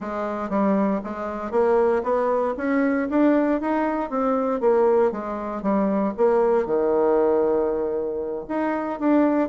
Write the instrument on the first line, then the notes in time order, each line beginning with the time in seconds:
bassoon
0.00 G#3
0.49 G3
1.03 G#3
1.51 A#3
2.03 B3
2.57 C#4
3.10 D4
3.60 D#4
4.10 C4
4.60 A#3
5.11 G#3
5.62 G3
6.17 A#3
6.66 D#3
8.48 D#4
8.99 D4